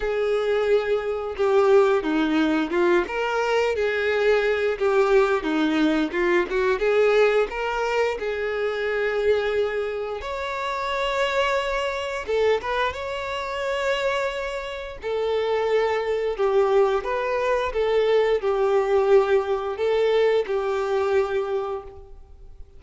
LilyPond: \new Staff \with { instrumentName = "violin" } { \time 4/4 \tempo 4 = 88 gis'2 g'4 dis'4 | f'8 ais'4 gis'4. g'4 | dis'4 f'8 fis'8 gis'4 ais'4 | gis'2. cis''4~ |
cis''2 a'8 b'8 cis''4~ | cis''2 a'2 | g'4 b'4 a'4 g'4~ | g'4 a'4 g'2 | }